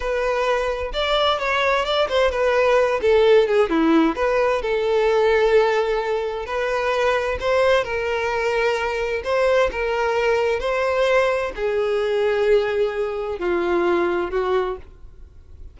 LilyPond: \new Staff \with { instrumentName = "violin" } { \time 4/4 \tempo 4 = 130 b'2 d''4 cis''4 | d''8 c''8 b'4. a'4 gis'8 | e'4 b'4 a'2~ | a'2 b'2 |
c''4 ais'2. | c''4 ais'2 c''4~ | c''4 gis'2.~ | gis'4 f'2 fis'4 | }